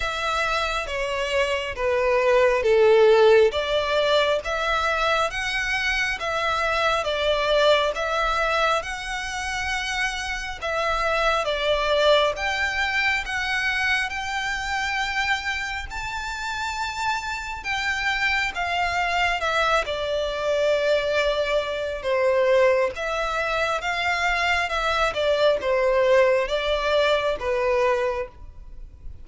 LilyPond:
\new Staff \with { instrumentName = "violin" } { \time 4/4 \tempo 4 = 68 e''4 cis''4 b'4 a'4 | d''4 e''4 fis''4 e''4 | d''4 e''4 fis''2 | e''4 d''4 g''4 fis''4 |
g''2 a''2 | g''4 f''4 e''8 d''4.~ | d''4 c''4 e''4 f''4 | e''8 d''8 c''4 d''4 b'4 | }